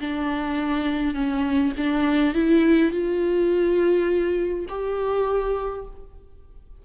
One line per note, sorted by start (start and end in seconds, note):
0.00 1.14 D4
1.14 1.72 C#4
1.77 2.34 D4
2.34 2.91 E4
2.91 4.66 F4
4.69 5.85 G4